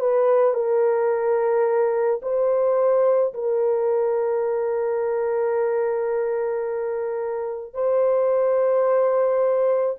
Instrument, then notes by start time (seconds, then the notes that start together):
horn
0.00 B4
0.54 A#4
2.22 C5
3.34 A#4
7.74 C5